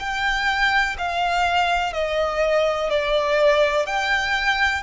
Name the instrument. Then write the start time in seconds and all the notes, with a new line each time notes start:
violin
0.00 G5
0.99 F5
1.93 D#5
2.90 D5
3.87 G5